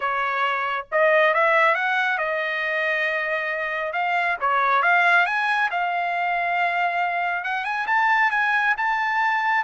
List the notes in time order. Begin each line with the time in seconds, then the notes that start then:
0.00 C#5
0.91 D#5
1.34 E5
1.74 F#5
2.18 D#5
3.92 F5
4.40 C#5
4.82 F5
5.26 G#5
5.71 F5
7.44 F#5
7.64 G#5
7.87 A5
8.31 G#5
8.77 A5